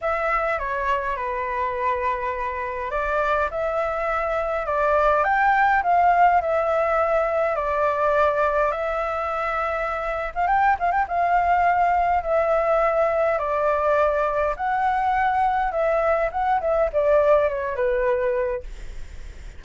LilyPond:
\new Staff \with { instrumentName = "flute" } { \time 4/4 \tempo 4 = 103 e''4 cis''4 b'2~ | b'4 d''4 e''2 | d''4 g''4 f''4 e''4~ | e''4 d''2 e''4~ |
e''4.~ e''16 f''16 g''8 f''16 g''16 f''4~ | f''4 e''2 d''4~ | d''4 fis''2 e''4 | fis''8 e''8 d''4 cis''8 b'4. | }